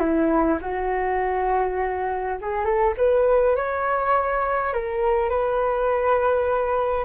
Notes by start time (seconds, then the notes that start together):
0.00 E4
0.62 F#4
2.42 G#4
2.65 A4
2.98 B4
3.56 C#5
4.74 A#4
5.30 B4